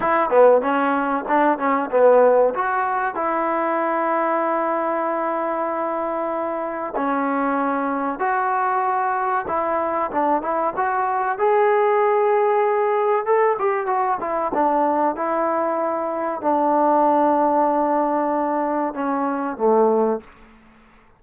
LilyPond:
\new Staff \with { instrumentName = "trombone" } { \time 4/4 \tempo 4 = 95 e'8 b8 cis'4 d'8 cis'8 b4 | fis'4 e'2.~ | e'2. cis'4~ | cis'4 fis'2 e'4 |
d'8 e'8 fis'4 gis'2~ | gis'4 a'8 g'8 fis'8 e'8 d'4 | e'2 d'2~ | d'2 cis'4 a4 | }